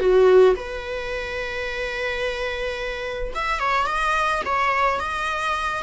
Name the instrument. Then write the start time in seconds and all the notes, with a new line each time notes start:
viola
0.00 F#4
0.56 B4
3.35 E5
3.60 C#5
3.87 D#5
4.46 C#5
5.00 D#5